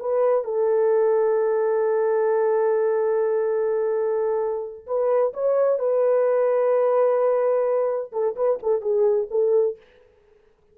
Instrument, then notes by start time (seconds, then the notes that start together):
horn
0.00 B4
0.44 A4
4.87 B4
5.33 C#5
5.79 B4
8.12 A4
8.36 B4
8.63 A4
8.82 G#4
9.30 A4